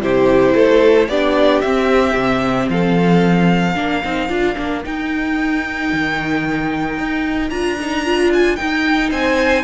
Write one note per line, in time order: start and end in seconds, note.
0.00 0.54 C3
0.00 1.09 E4
0.00 0.55 G4
0.00 1.09 C5
0.55 1.08 A3
0.55 1.08 A4
1.08 1.62 B3
1.08 1.64 D4
1.08 2.71 G4
1.08 1.61 D5
1.61 3.75 C4
1.61 2.15 C4
1.61 2.68 E5
2.15 2.68 C3
2.69 3.77 F3
2.69 3.75 A4
2.69 4.85 F5
3.75 4.03 A#3
3.75 4.02 D4
3.75 9.10 A#4
4.04 4.29 C4
4.04 4.29 D#4
4.29 4.56 D4
4.29 4.56 F4
4.56 4.85 A#3
4.56 4.83 D4
4.84 7.51 D#4
4.84 5.93 D#4
4.84 7.50 G5
5.93 6.98 D#3
6.98 7.50 D#4
7.50 8.58 D4
7.50 7.78 F4
7.50 8.31 A#5
7.81 8.05 D#4
8.05 8.58 F4
8.33 8.56 G#5
8.56 9.64 D#4
8.56 9.11 D#4
8.56 9.10 G5
9.10 9.64 C4
9.10 9.64 C5
9.10 9.64 G#5